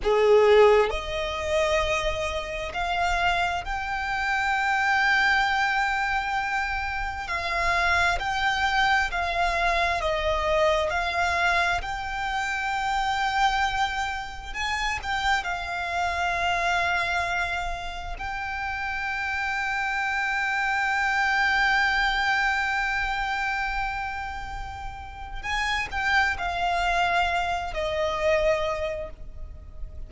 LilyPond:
\new Staff \with { instrumentName = "violin" } { \time 4/4 \tempo 4 = 66 gis'4 dis''2 f''4 | g''1 | f''4 g''4 f''4 dis''4 | f''4 g''2. |
gis''8 g''8 f''2. | g''1~ | g''1 | gis''8 g''8 f''4. dis''4. | }